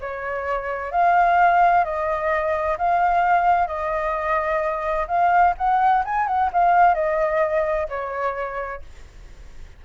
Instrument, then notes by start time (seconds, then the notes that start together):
flute
0.00 C#5
0.92 F5
1.84 D#5
2.78 F5
3.67 D#5
5.07 F5
5.57 F#5
6.04 G#5
6.27 F#5
6.52 F5
6.94 D#5
7.89 C#5